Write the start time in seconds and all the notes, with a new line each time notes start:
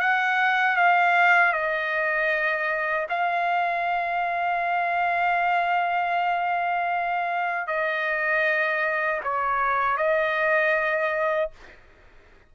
0.00 F#5
0.77 F5
1.53 D#5
3.09 F5
7.67 D#5
9.23 C#5
9.97 D#5